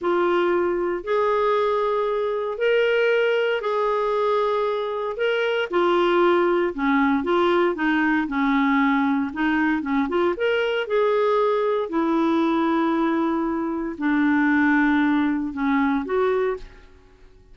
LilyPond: \new Staff \with { instrumentName = "clarinet" } { \time 4/4 \tempo 4 = 116 f'2 gis'2~ | gis'4 ais'2 gis'4~ | gis'2 ais'4 f'4~ | f'4 cis'4 f'4 dis'4 |
cis'2 dis'4 cis'8 f'8 | ais'4 gis'2 e'4~ | e'2. d'4~ | d'2 cis'4 fis'4 | }